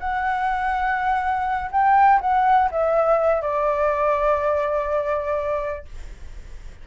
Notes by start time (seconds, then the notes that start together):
0.00 F#5
1.72 G5
2.21 F#5
2.72 E5
3.42 D5